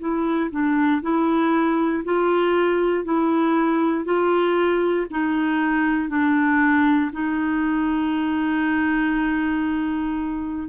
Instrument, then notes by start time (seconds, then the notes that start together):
clarinet
0.00 E4
0.51 D4
1.02 E4
2.05 F4
3.05 E4
4.05 F4
5.10 D#4
6.09 D4
7.12 D#4